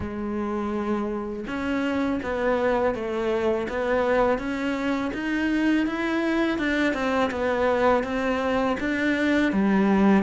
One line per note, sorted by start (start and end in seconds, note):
0.00 1.45 G#3
1.47 2.20 C#4
2.23 2.94 B3
2.94 3.68 A3
3.69 4.38 B3
4.38 5.11 C#4
5.13 5.86 D#4
5.86 6.58 E4
6.58 6.93 D4
6.93 7.30 C4
7.30 8.03 B3
8.03 8.76 C4
8.79 9.52 D4
9.52 10.23 G3